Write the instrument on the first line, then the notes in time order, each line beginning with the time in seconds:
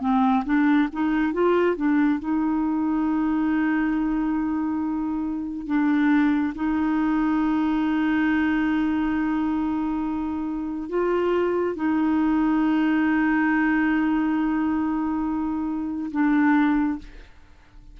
clarinet
0.00 C4
0.45 D4
0.92 D#4
1.33 F4
1.76 D4
2.19 D#4
5.66 D4
6.55 D#4
10.89 F4
11.75 D#4
16.11 D4